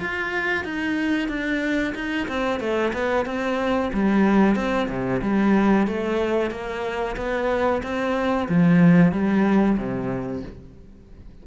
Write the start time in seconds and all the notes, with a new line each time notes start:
0.00 F4
0.65 D#4
1.29 D4
1.95 D#4
2.28 C4
2.60 A3
2.93 B3
3.26 C4
3.93 G3
4.56 C4
4.89 C3
5.22 G3
5.87 A3
6.51 A#3
7.17 B3
7.83 C4
8.49 F3
9.12 G3
9.78 C3